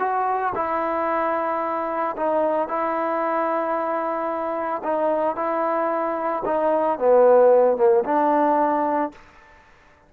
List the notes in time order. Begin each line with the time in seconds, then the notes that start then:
0.00 F#4
0.56 E4
2.17 D#4
2.69 E4
4.84 D#4
5.36 E4
6.45 D#4
6.99 B3
7.78 A#3
8.05 D4